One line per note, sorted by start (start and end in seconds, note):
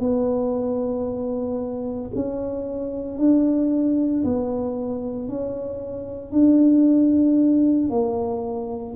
0.00 2.11 B3
2.15 3.18 C#4
3.18 4.23 D4
4.24 5.29 B3
5.29 6.32 C#4
6.32 7.90 D4
7.90 8.95 A#3